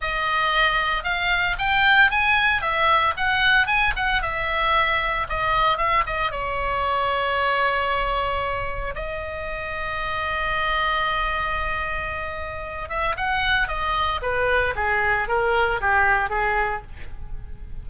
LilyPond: \new Staff \with { instrumentName = "oboe" } { \time 4/4 \tempo 4 = 114 dis''2 f''4 g''4 | gis''4 e''4 fis''4 gis''8 fis''8 | e''2 dis''4 e''8 dis''8 | cis''1~ |
cis''4 dis''2.~ | dis''1~ | dis''8 e''8 fis''4 dis''4 b'4 | gis'4 ais'4 g'4 gis'4 | }